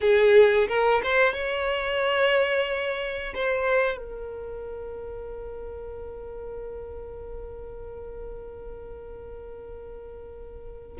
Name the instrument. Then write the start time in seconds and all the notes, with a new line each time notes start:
violin
0.01 G#4
0.68 A#4
1.03 C5
1.33 C#5
3.34 C5
3.97 A#4